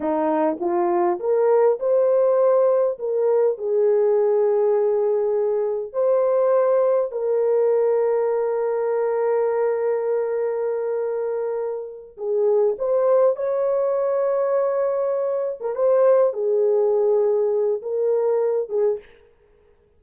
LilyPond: \new Staff \with { instrumentName = "horn" } { \time 4/4 \tempo 4 = 101 dis'4 f'4 ais'4 c''4~ | c''4 ais'4 gis'2~ | gis'2 c''2 | ais'1~ |
ais'1~ | ais'8 gis'4 c''4 cis''4.~ | cis''2~ cis''16 ais'16 c''4 gis'8~ | gis'2 ais'4. gis'8 | }